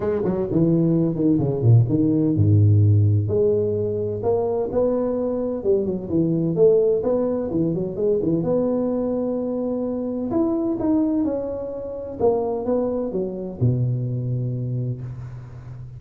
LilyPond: \new Staff \with { instrumentName = "tuba" } { \time 4/4 \tempo 4 = 128 gis8 fis8 e4. dis8 cis8 ais,8 | dis4 gis,2 gis4~ | gis4 ais4 b2 | g8 fis8 e4 a4 b4 |
e8 fis8 gis8 e8 b2~ | b2 e'4 dis'4 | cis'2 ais4 b4 | fis4 b,2. | }